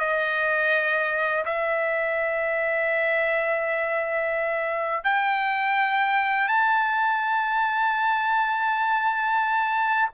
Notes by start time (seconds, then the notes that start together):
0.00 D#5
1.46 E5
5.04 G5
6.48 A5